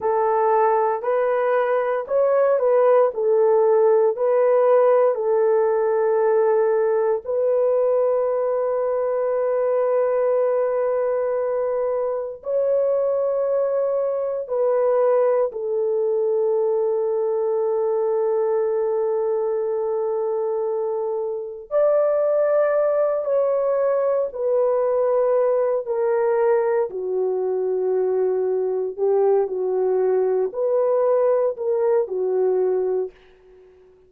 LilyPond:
\new Staff \with { instrumentName = "horn" } { \time 4/4 \tempo 4 = 58 a'4 b'4 cis''8 b'8 a'4 | b'4 a'2 b'4~ | b'1 | cis''2 b'4 a'4~ |
a'1~ | a'4 d''4. cis''4 b'8~ | b'4 ais'4 fis'2 | g'8 fis'4 b'4 ais'8 fis'4 | }